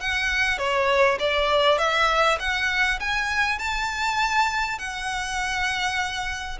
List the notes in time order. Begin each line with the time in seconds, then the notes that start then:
0.00 F#5
0.58 C#5
1.19 D5
1.78 E5
2.39 F#5
2.99 G#5
3.58 A5
4.78 F#5